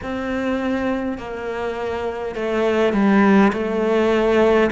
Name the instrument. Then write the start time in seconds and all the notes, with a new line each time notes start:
cello
0.02 C4
1.18 A#3
2.35 A3
2.93 G3
3.52 A3